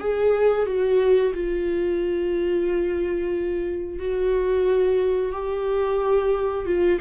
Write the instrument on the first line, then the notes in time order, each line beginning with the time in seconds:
viola
0.00 G#4
0.66 F#4
1.34 F4
3.99 F#4
5.32 G4
6.65 F4